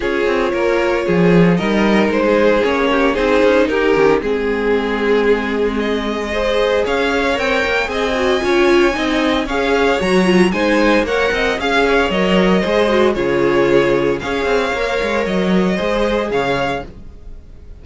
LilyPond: <<
  \new Staff \with { instrumentName = "violin" } { \time 4/4 \tempo 4 = 114 cis''2. dis''4 | c''4 cis''4 c''4 ais'4 | gis'2. dis''4~ | dis''4 f''4 g''4 gis''4~ |
gis''2 f''4 ais''4 | gis''4 fis''4 f''4 dis''4~ | dis''4 cis''2 f''4~ | f''4 dis''2 f''4 | }
  \new Staff \with { instrumentName = "violin" } { \time 4/4 gis'4 ais'4 gis'4 ais'4~ | ais'16 gis'4~ gis'16 g'8 gis'4 g'4 | gis'1 | c''4 cis''2 dis''4 |
cis''4 dis''4 cis''2 | c''4 cis''8 dis''8 f''8 cis''4. | c''4 gis'2 cis''4~ | cis''2 c''4 cis''4 | }
  \new Staff \with { instrumentName = "viola" } { \time 4/4 f'2. dis'4~ | dis'4 cis'4 dis'4. cis'8 | c'1 | gis'2 ais'4 gis'8 fis'8 |
f'4 dis'4 gis'4 fis'8 f'8 | dis'4 ais'4 gis'4 ais'4 | gis'8 fis'8 f'2 gis'4 | ais'2 gis'2 | }
  \new Staff \with { instrumentName = "cello" } { \time 4/4 cis'8 c'8 ais4 f4 g4 | gis4 ais4 c'8 cis'8 dis'8 dis8 | gis1~ | gis4 cis'4 c'8 ais8 c'4 |
cis'4 c'4 cis'4 fis4 | gis4 ais8 c'8 cis'4 fis4 | gis4 cis2 cis'8 c'8 | ais8 gis8 fis4 gis4 cis4 | }
>>